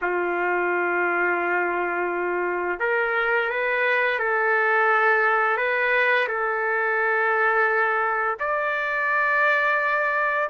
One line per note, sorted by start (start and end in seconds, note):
0.01 2.79 F4
2.79 3.49 A#4
3.49 4.19 B4
4.19 5.57 A4
5.57 6.27 B4
6.28 8.37 A4
8.39 10.49 D5